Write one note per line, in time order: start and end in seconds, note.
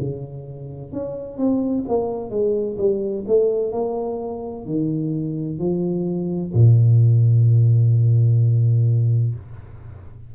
0.00 0.92 C#3
0.92 1.38 C#4
1.38 1.85 C4
1.88 2.30 A#3
2.30 2.77 G#3
2.78 3.25 G3
3.27 3.72 A3
3.72 4.66 A#3
4.66 5.59 D#3
5.59 6.53 F3
6.54 9.35 A#2